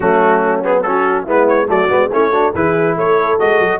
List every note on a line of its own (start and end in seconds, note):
0.00 1.27 F#3
0.00 0.63 A3
0.00 0.83 C#4
0.00 0.61 F#4
0.63 0.84 B3
0.63 0.82 G#4
0.82 1.27 C#4
0.82 1.24 F#4
0.82 1.24 A4
1.24 1.69 G#3
1.24 1.67 B3
1.24 1.67 E4
1.24 1.47 B4
1.47 1.69 C#5
1.67 1.90 F#3
1.67 1.88 A3
1.67 2.11 F#4
1.67 2.12 D5
1.88 2.11 G#3
1.88 2.10 B3
2.11 2.53 A3
2.11 2.32 C#4
2.11 2.32 E4
2.11 2.55 C#5
2.32 2.53 D4
2.32 2.53 F#4
2.54 2.95 E3
2.54 3.39 E4
2.54 2.97 G#4
2.54 2.97 B4
2.95 3.38 A3
2.95 3.80 A4
2.95 3.39 C#5
3.39 3.60 G#3
3.39 3.80 F#4
3.39 3.80 D#5
3.60 3.80 F#3